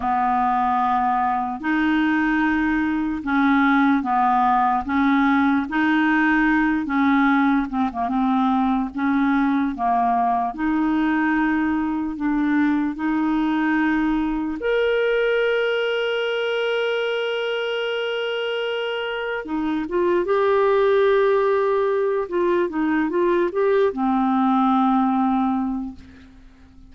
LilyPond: \new Staff \with { instrumentName = "clarinet" } { \time 4/4 \tempo 4 = 74 b2 dis'2 | cis'4 b4 cis'4 dis'4~ | dis'8 cis'4 c'16 ais16 c'4 cis'4 | ais4 dis'2 d'4 |
dis'2 ais'2~ | ais'1 | dis'8 f'8 g'2~ g'8 f'8 | dis'8 f'8 g'8 c'2~ c'8 | }